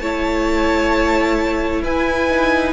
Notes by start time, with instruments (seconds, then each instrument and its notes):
0.00 cello A3, viola E4, violin C#5 A5
1.83 cello E4, violin B4 G#5
2.30 viola D#4